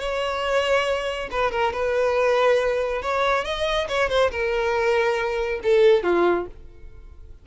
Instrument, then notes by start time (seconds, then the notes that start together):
violin
0.00 C#5
1.31 B4
1.52 A#4
1.73 B4
3.02 C#5
3.45 D#5
3.89 C#5
4.10 C5
4.31 A#4
5.64 A4
6.04 F4